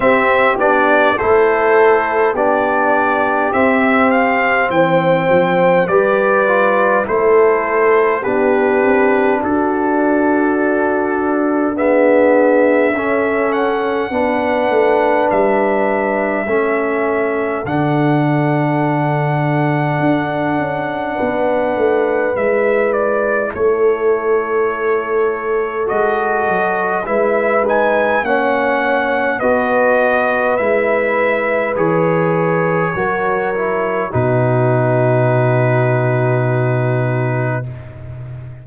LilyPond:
<<
  \new Staff \with { instrumentName = "trumpet" } { \time 4/4 \tempo 4 = 51 e''8 d''8 c''4 d''4 e''8 f''8 | g''4 d''4 c''4 b'4 | a'2 e''4. fis''8~ | fis''4 e''2 fis''4~ |
fis''2. e''8 d''8 | cis''2 dis''4 e''8 gis''8 | fis''4 dis''4 e''4 cis''4~ | cis''4 b'2. | }
  \new Staff \with { instrumentName = "horn" } { \time 4/4 g'4 a'4 g'2 | c''4 b'4 a'4 g'4 | fis'2 gis'4 a'4 | b'2 a'2~ |
a'2 b'2 | a'2. b'4 | cis''4 b'2. | ais'4 fis'2. | }
  \new Staff \with { instrumentName = "trombone" } { \time 4/4 c'8 d'8 e'4 d'4 c'4~ | c'4 g'8 f'8 e'4 d'4~ | d'2 b4 cis'4 | d'2 cis'4 d'4~ |
d'2. e'4~ | e'2 fis'4 e'8 dis'8 | cis'4 fis'4 e'4 gis'4 | fis'8 e'8 dis'2. | }
  \new Staff \with { instrumentName = "tuba" } { \time 4/4 c'8 b8 a4 b4 c'4 | e8 f8 g4 a4 b8 c'8 | d'2. cis'4 | b8 a8 g4 a4 d4~ |
d4 d'8 cis'8 b8 a8 gis4 | a2 gis8 fis8 gis4 | ais4 b4 gis4 e4 | fis4 b,2. | }
>>